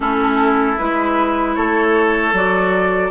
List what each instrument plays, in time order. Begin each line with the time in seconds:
0.00 bassoon A3, clarinet C#4, oboe E4, flute A4
0.77 bassoon G#3, clarinet E4, flute B4
1.55 bassoon A3, oboe A4, flute C#5
2.32 bassoon F#3, clarinet F#4, flute D5